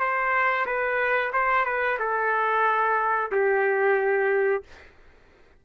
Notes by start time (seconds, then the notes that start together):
0.00 C5
0.66 B4
1.33 C5
1.65 B4
2.00 A4
3.32 G4